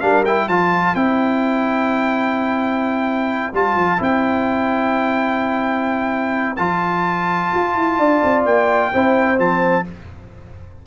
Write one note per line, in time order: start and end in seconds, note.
0.00 0.48 G3
0.00 0.24 D4
0.00 0.46 A#4
0.00 0.23 F5
0.25 0.49 E4
0.25 0.48 G5
0.46 0.94 F3
0.46 0.95 F4
0.46 7.96 C5
0.46 0.95 A5
0.95 3.52 C4
0.95 3.53 E4
0.95 3.53 G5
3.52 3.75 G3
3.52 3.98 F4
3.52 4.02 A5
3.75 3.99 F3
3.98 6.58 C4
3.98 6.56 E4
3.98 6.56 G5
6.56 7.51 F3
6.56 8.92 F4
6.56 8.43 A5
7.54 7.75 F4
7.75 7.98 E4
7.98 8.22 D4
7.98 8.92 D5
8.23 8.45 C4
8.45 8.92 A#3
8.45 9.39 G5
8.92 9.38 C4
8.92 9.36 E4
8.92 9.86 C5
9.36 9.85 F3
9.36 9.83 C4
9.36 9.86 A5